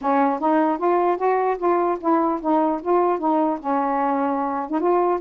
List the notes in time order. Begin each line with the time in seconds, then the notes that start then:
0.01 C#4
0.39 D#4
0.78 F4
1.17 F#4
1.57 F4
2.00 E4
2.41 D#4
2.81 F4
3.19 D#4
3.60 C#4
4.70 D#4
4.79 F4